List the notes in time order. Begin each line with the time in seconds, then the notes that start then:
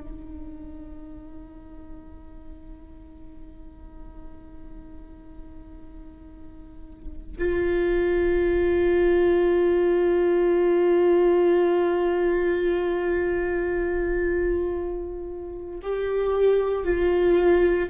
0.00 D#4
7.38 F4
15.82 G4
16.84 F4